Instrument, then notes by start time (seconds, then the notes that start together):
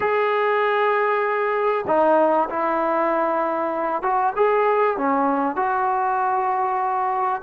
trombone
0.00 G#4
1.87 D#4
2.49 E4
4.02 F#4
4.36 G#4
4.97 C#4
5.56 F#4